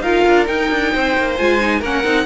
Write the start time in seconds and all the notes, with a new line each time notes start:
0.00 D#4 F4 A#4 F5
0.27 D4
0.45 D#4 G5
0.70 D4
0.92 C4 C5
1.17 A#3
1.36 G#3 F4 G#5
1.59 D#4
1.79 A#3 C#4 A#4 F#5
2.04 C4 D#4